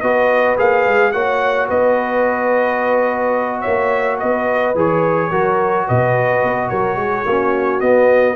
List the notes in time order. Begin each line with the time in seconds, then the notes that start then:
0.00 B3 F#4 B4 D#5
0.57 A#3 G#4 F5
0.86 G#3
1.12 A#3 F#4 C#5 F#5
1.68 B3 B4 D#5
3.61 A#3 C#5 E5
4.19 B3 B4 D#5
4.75 E3 G#4 C#5
5.30 F#3 F#4 A#4
5.87 B2 B4 D#5
6.43 B3
6.69 F#3 A#4 C#5
6.96 G#3 G#4
7.24 A#3 C#4 F#4
7.80 B3 D#5